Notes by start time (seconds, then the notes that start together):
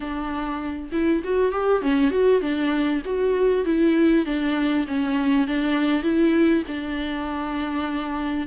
0.00 D4
0.91 E4
1.24 F#4
1.52 G4
1.82 C#4
2.10 F#4
2.41 D4
3.05 F#4
3.65 E4
4.25 D4
4.87 C#4
5.47 D4
6.02 E4
6.67 D4